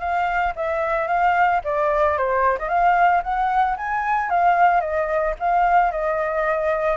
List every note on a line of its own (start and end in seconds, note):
0.00 0.53 F5
0.56 1.07 E5
1.07 1.61 F5
1.65 2.18 D5
2.18 2.58 C5
2.59 2.69 D#5
2.69 3.22 F5
3.23 3.77 F#5
3.77 4.30 G#5
4.30 4.81 F5
4.81 5.34 D#5
5.39 5.91 F5
5.91 6.97 D#5